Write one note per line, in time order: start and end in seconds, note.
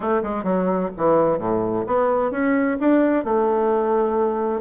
0.00 0.22 A3
0.22 0.43 G#3
0.43 0.89 F#3
0.97 1.38 E3
1.38 1.84 A2
1.87 2.31 B3
2.31 2.77 C#4
2.80 3.24 D4
3.24 4.61 A3